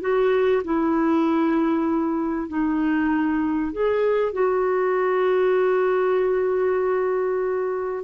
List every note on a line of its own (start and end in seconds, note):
0.00 0.62 F#4
0.64 2.48 E4
2.48 3.72 D#4
3.72 4.32 G#4
4.32 8.04 F#4